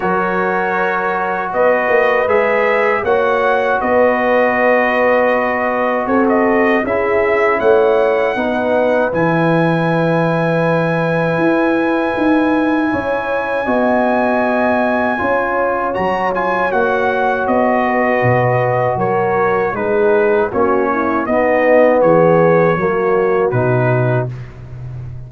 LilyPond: <<
  \new Staff \with { instrumentName = "trumpet" } { \time 4/4 \tempo 4 = 79 cis''2 dis''4 e''4 | fis''4 dis''2. | cis''16 dis''8. e''4 fis''2 | gis''1~ |
gis''1~ | gis''4 ais''8 gis''8 fis''4 dis''4~ | dis''4 cis''4 b'4 cis''4 | dis''4 cis''2 b'4 | }
  \new Staff \with { instrumentName = "horn" } { \time 4/4 ais'2 b'2 | cis''4 b'2. | a'4 gis'4 cis''4 b'4~ | b'1~ |
b'4 cis''4 dis''2 | cis''2.~ cis''8 b'8~ | b'4 ais'4 gis'4 fis'8 e'8 | dis'4 gis'4 fis'2 | }
  \new Staff \with { instrumentName = "trombone" } { \time 4/4 fis'2. gis'4 | fis'1~ | fis'4 e'2 dis'4 | e'1~ |
e'2 fis'2 | f'4 fis'8 f'8 fis'2~ | fis'2 dis'4 cis'4 | b2 ais4 dis'4 | }
  \new Staff \with { instrumentName = "tuba" } { \time 4/4 fis2 b8 ais8 gis4 | ais4 b2. | c'4 cis'4 a4 b4 | e2. e'4 |
dis'4 cis'4 b2 | cis'4 fis4 ais4 b4 | b,4 fis4 gis4 ais4 | b4 e4 fis4 b,4 | }
>>